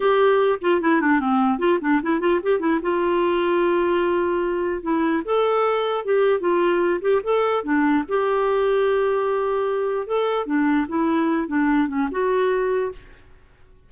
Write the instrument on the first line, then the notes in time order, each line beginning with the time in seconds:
clarinet
0.00 G4
0.61 F4
0.81 E4
1.01 D4
1.20 C4
1.59 F4
1.80 D4
2.02 E4
2.20 F4
2.43 G4
2.59 E4
2.82 F4
4.82 E4
5.25 A4
6.05 G4
6.40 F4
7.01 G4
7.23 A4
7.63 D4
8.08 G4
10.06 A4
10.46 D4
10.88 E4
11.47 D4
11.88 C#4
12.11 F#4